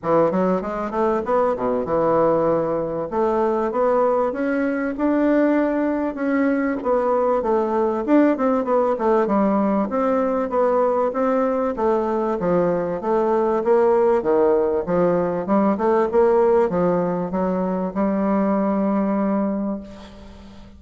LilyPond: \new Staff \with { instrumentName = "bassoon" } { \time 4/4 \tempo 4 = 97 e8 fis8 gis8 a8 b8 b,8 e4~ | e4 a4 b4 cis'4 | d'2 cis'4 b4 | a4 d'8 c'8 b8 a8 g4 |
c'4 b4 c'4 a4 | f4 a4 ais4 dis4 | f4 g8 a8 ais4 f4 | fis4 g2. | }